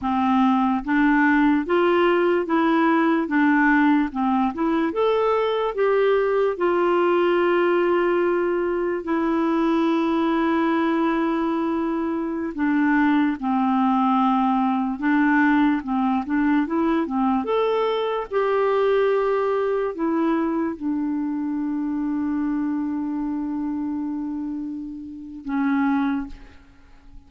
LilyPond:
\new Staff \with { instrumentName = "clarinet" } { \time 4/4 \tempo 4 = 73 c'4 d'4 f'4 e'4 | d'4 c'8 e'8 a'4 g'4 | f'2. e'4~ | e'2.~ e'16 d'8.~ |
d'16 c'2 d'4 c'8 d'16~ | d'16 e'8 c'8 a'4 g'4.~ g'16~ | g'16 e'4 d'2~ d'8.~ | d'2. cis'4 | }